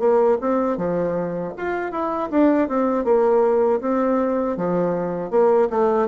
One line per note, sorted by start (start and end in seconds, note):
0.00 0.38 A#3
0.41 0.78 C4
0.78 1.54 F3
1.58 1.92 F4
1.92 2.30 E4
2.31 2.69 D4
2.69 3.05 C4
3.05 3.81 A#3
3.81 4.57 C4
4.57 5.31 F3
5.31 5.69 A#3
5.70 6.08 A3